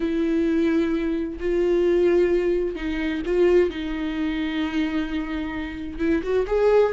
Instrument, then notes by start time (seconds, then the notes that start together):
viola
0.00 E4
1.40 F4
2.75 D#4
3.26 F4
3.70 D#4
5.98 E4
6.22 F#4
6.46 G#4